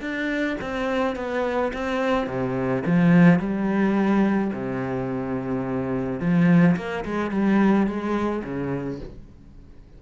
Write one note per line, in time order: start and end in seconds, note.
0.00 0.56 D4
0.61 1.15 C4
1.15 1.72 B3
1.73 2.26 C4
2.26 2.82 C3
2.85 3.39 F3
3.39 4.51 G3
4.53 6.20 C3
6.20 6.76 F3
6.76 7.04 A#3
7.04 7.30 G#3
7.30 7.87 G3
7.87 8.43 G#3
8.44 9.00 C#3